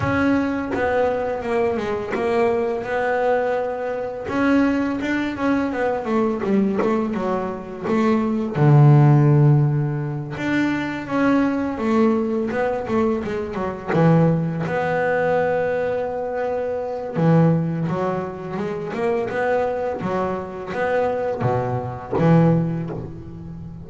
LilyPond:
\new Staff \with { instrumentName = "double bass" } { \time 4/4 \tempo 4 = 84 cis'4 b4 ais8 gis8 ais4 | b2 cis'4 d'8 cis'8 | b8 a8 g8 a8 fis4 a4 | d2~ d8 d'4 cis'8~ |
cis'8 a4 b8 a8 gis8 fis8 e8~ | e8 b2.~ b8 | e4 fis4 gis8 ais8 b4 | fis4 b4 b,4 e4 | }